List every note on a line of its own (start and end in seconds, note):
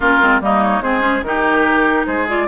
0.00 0.19 A#3
0.00 0.21 C#4
0.00 0.40 F4
0.00 0.42 A#4
0.21 0.40 G#3
0.21 0.41 C4
0.40 0.80 G3
0.40 0.82 A#3
0.40 0.83 D#4
0.40 0.63 D#5
0.63 0.82 C#5
0.80 1.22 G#3
0.80 1.00 C4
0.80 1.24 G#4
0.80 1.23 C5
1.00 1.21 C#4
1.22 2.04 D#3
1.22 2.27 D#4
1.22 2.06 G4
1.22 2.06 A#4
2.06 2.48 G#3
2.06 2.48 G#4
2.06 2.26 C5
2.27 2.48 F4
2.27 2.48 D5